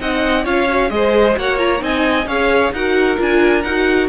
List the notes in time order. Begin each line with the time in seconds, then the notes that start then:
0.00 C4 D#4 D#5 F#5
0.44 C#4 F4 C#5 F5
0.69 F#4
0.90 G#3 G#4 C5 D#5
1.36 A#3 F#4 C#5 F#5
1.59 F4 A#5
1.79 C4 D#4 D#5 G#5
2.26 C#4 G#4 C#5 F5
2.72 D#4 F#4 A#4 F#5
3.17 D4 F4 G#5
3.63 D#4 F#4 F#5